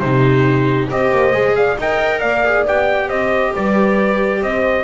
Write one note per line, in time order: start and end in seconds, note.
0.00 0.89 C3
0.00 0.90 D#4
0.00 0.90 G4
0.00 0.88 C5
0.90 1.12 C4
0.90 1.34 G4
0.90 1.57 C5
0.90 1.56 D#5
1.12 1.33 A#3
1.33 1.77 G#3
1.33 1.78 G#4
1.56 1.78 D5
1.56 1.78 F5
1.78 2.22 D#4
1.78 2.45 A#4
1.78 2.20 D#5
1.78 2.20 G5
2.20 2.67 A#3
2.20 3.08 D5
2.20 2.64 F5
2.45 2.68 G#4
2.67 3.08 B3
2.67 4.84 G4
2.67 3.10 G5
3.08 3.52 C4
3.08 3.52 C5
3.08 3.54 D#5
3.53 4.41 G3
3.53 4.42 B4
3.53 4.43 D5
4.41 4.84 C4
4.41 4.84 C5
4.41 4.84 D#5